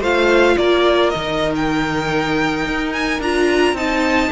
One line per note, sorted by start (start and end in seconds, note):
0.00 0.56 A3
0.00 1.14 F4
0.00 0.56 C5
0.00 0.58 F5
0.58 1.14 A#3
0.58 3.76 A#4
0.58 1.10 D5
1.10 2.66 D#3
1.10 3.22 D#4
1.10 1.52 D#5
1.55 2.93 G5
2.66 3.20 D#4
2.93 3.21 G#5
3.20 3.73 D4
3.20 3.76 F4
3.20 3.77 A#5
3.73 4.29 C4
3.73 4.32 D#4
3.73 4.32 D#5
3.73 4.32 A5